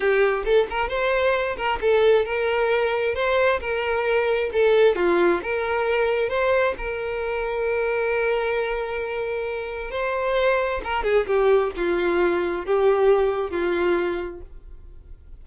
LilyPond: \new Staff \with { instrumentName = "violin" } { \time 4/4 \tempo 4 = 133 g'4 a'8 ais'8 c''4. ais'8 | a'4 ais'2 c''4 | ais'2 a'4 f'4 | ais'2 c''4 ais'4~ |
ais'1~ | ais'2 c''2 | ais'8 gis'8 g'4 f'2 | g'2 f'2 | }